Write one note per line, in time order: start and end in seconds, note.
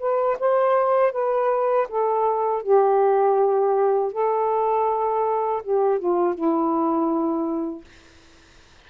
0.00 0.38 B4
0.40 1.13 C5
1.13 1.88 B4
1.89 2.63 A4
2.63 4.12 G4
4.12 5.62 A4
5.63 5.99 G4
5.99 6.35 F4
6.35 7.85 E4